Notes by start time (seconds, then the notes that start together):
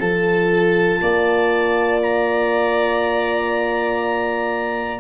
0.00 F3 F4 A4 A5
1.02 A#3 D5
2.03 A#5